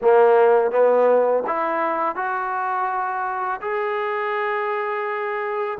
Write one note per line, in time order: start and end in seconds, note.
0.01 0.71 A#3
0.71 1.43 B3
1.46 2.15 E4
2.15 3.60 F#4
3.61 5.78 G#4